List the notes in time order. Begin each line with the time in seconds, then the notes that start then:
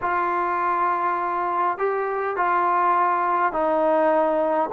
0.01 F4
1.78 G4
2.36 F4
3.52 D#4